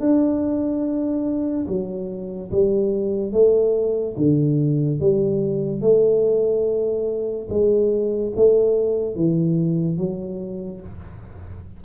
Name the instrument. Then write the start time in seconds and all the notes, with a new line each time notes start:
tuba
0.00 D4
1.68 F#3
2.52 G3
3.33 A3
4.17 D3
5.00 G3
5.81 A3
7.50 G#3
8.36 A3
9.16 E3
9.98 F#3